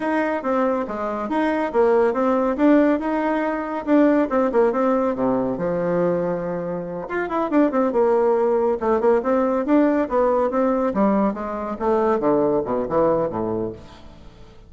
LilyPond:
\new Staff \with { instrumentName = "bassoon" } { \time 4/4 \tempo 4 = 140 dis'4 c'4 gis4 dis'4 | ais4 c'4 d'4 dis'4~ | dis'4 d'4 c'8 ais8 c'4 | c4 f2.~ |
f8 f'8 e'8 d'8 c'8 ais4.~ | ais8 a8 ais8 c'4 d'4 b8~ | b8 c'4 g4 gis4 a8~ | a8 d4 b,8 e4 a,4 | }